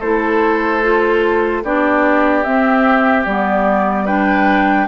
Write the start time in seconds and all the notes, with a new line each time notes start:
0.00 A3 E4 A4 C5
0.83 F4
1.64 B3 D4 G4 D5
2.44 C4 E5
3.26 G3 B3 D5
4.06 D4 B4 G5